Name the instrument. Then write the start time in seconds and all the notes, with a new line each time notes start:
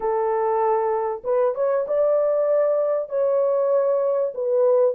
horn
0.00 A4
1.23 B4
1.55 C#5
1.87 D5
3.09 C#5
4.34 B4